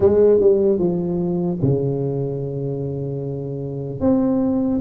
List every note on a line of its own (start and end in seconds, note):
0.00 0.40 G#3
0.40 0.78 G3
0.78 1.58 F3
1.62 4.00 C#3
4.00 4.80 C4